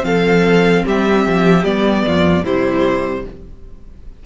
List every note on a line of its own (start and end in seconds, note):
0.00 0.83 F3
0.00 1.60 C4
0.00 0.85 A4
0.00 0.84 F5
0.85 1.26 G3
0.85 2.05 G4
0.85 1.64 E5
1.26 1.64 F3
1.64 2.04 G3
1.64 2.44 B3
1.64 2.44 D5
2.06 2.45 F2
2.06 2.44 F4
2.44 3.25 C3
2.44 3.26 G3
2.44 3.24 E4
2.44 3.26 C5